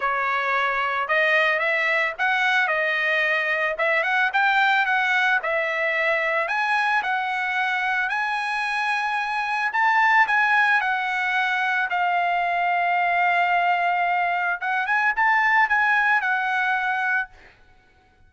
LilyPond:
\new Staff \with { instrumentName = "trumpet" } { \time 4/4 \tempo 4 = 111 cis''2 dis''4 e''4 | fis''4 dis''2 e''8 fis''8 | g''4 fis''4 e''2 | gis''4 fis''2 gis''4~ |
gis''2 a''4 gis''4 | fis''2 f''2~ | f''2. fis''8 gis''8 | a''4 gis''4 fis''2 | }